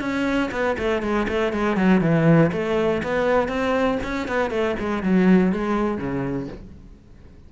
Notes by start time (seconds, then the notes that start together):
0.00 C#4
0.51 B3
0.78 A3
1.02 G#3
1.28 A3
1.52 G#3
1.76 F#3
2.01 E3
2.52 A3
3.03 B3
3.48 C4
4.03 C#4
4.27 B3
4.50 A3
4.79 G#3
5.03 F#3
5.52 G#3
5.97 C#3